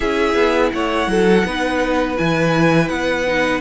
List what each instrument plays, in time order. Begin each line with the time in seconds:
0.00 cello C#4, viola E4, violin G#4 E5
0.34 cello B3
0.72 cello A3, violin C#5 F#5
1.07 cello F#3, violin A4
1.45 cello B3, viola D#4, violin B4
2.17 cello E3, viola E4, violin G#5
2.88 cello B3, violin F#5
3.26 viola D#4